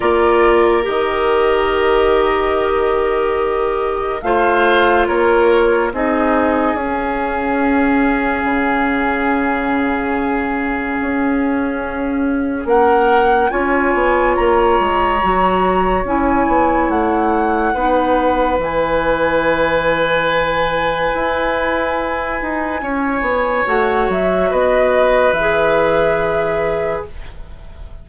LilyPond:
<<
  \new Staff \with { instrumentName = "flute" } { \time 4/4 \tempo 4 = 71 d''4 dis''2.~ | dis''4 f''4 cis''4 dis''4 | f''1~ | f''2. fis''4 |
gis''4 ais''2 gis''4 | fis''2 gis''2~ | gis''1 | fis''8 e''8 dis''4 e''2 | }
  \new Staff \with { instrumentName = "oboe" } { \time 4/4 ais'1~ | ais'4 c''4 ais'4 gis'4~ | gis'1~ | gis'2. ais'4 |
cis''1~ | cis''4 b'2.~ | b'2. cis''4~ | cis''4 b'2. | }
  \new Staff \with { instrumentName = "clarinet" } { \time 4/4 f'4 g'2.~ | g'4 f'2 dis'4 | cis'1~ | cis'1 |
f'2 fis'4 e'4~ | e'4 dis'4 e'2~ | e'1 | fis'2 gis'2 | }
  \new Staff \with { instrumentName = "bassoon" } { \time 4/4 ais4 dis2.~ | dis4 a4 ais4 c'4 | cis'2 cis2~ | cis4 cis'2 ais4 |
cis'8 b8 ais8 gis8 fis4 cis'8 b8 | a4 b4 e2~ | e4 e'4. dis'8 cis'8 b8 | a8 fis8 b4 e2 | }
>>